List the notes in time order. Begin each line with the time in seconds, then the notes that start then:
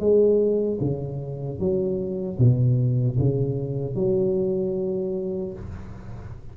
0.00 G#3
0.81 C#3
1.60 F#3
2.39 B2
3.19 C#3
3.95 F#3